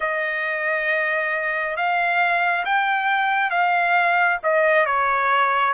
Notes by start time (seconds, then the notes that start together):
0.00 D#5
1.76 F5
2.65 G5
3.50 F5
4.43 D#5
4.86 C#5